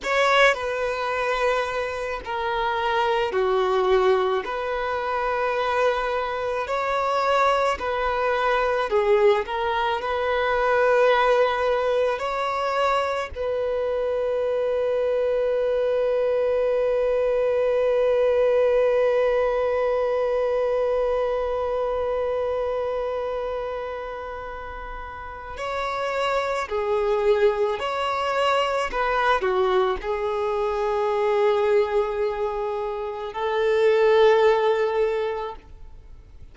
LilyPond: \new Staff \with { instrumentName = "violin" } { \time 4/4 \tempo 4 = 54 cis''8 b'4. ais'4 fis'4 | b'2 cis''4 b'4 | gis'8 ais'8 b'2 cis''4 | b'1~ |
b'1~ | b'2. cis''4 | gis'4 cis''4 b'8 fis'8 gis'4~ | gis'2 a'2 | }